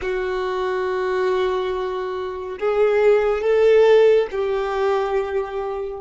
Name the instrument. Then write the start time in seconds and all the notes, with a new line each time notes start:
violin
0.01 F#4
2.59 G#4
3.41 A4
4.31 G4